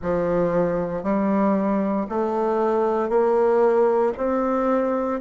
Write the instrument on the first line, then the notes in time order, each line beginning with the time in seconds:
bassoon
0.01 F3
1.03 G3
2.09 A3
3.08 A#3
4.17 C4